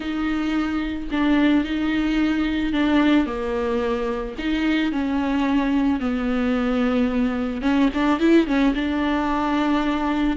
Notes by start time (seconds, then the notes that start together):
0.00 D#4
1.11 D4
1.64 D#4
2.72 D4
3.26 A#3
4.38 D#4
4.92 C#4
6.00 B3
7.61 C#4
7.94 D4
8.19 E4
8.46 C#4
8.74 D4